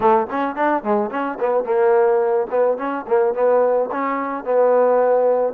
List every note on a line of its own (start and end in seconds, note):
0.00 0.26 A3
0.30 0.55 C#4
0.55 0.83 D4
0.83 1.10 G#3
1.10 1.38 C#4
1.40 1.64 B3
1.64 2.47 A#3
2.50 2.77 B3
2.77 3.05 C#4
3.07 3.34 A#3
3.34 3.89 B3
3.91 4.44 C#4
4.44 5.53 B3